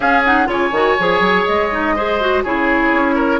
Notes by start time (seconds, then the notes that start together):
0.00 C#4 G#4 F5
0.24 D#4 F#5
0.46 C#3 F4 C#5 G#5
0.71 D#3 F#4
0.99 F3 G#4
1.20 F#3
1.45 G#3 D#5
1.71 D#4
1.95 G#4 C5
2.21 F#4
2.43 C#3 E4 G#4 C#5
2.92 C#4
3.15 A#4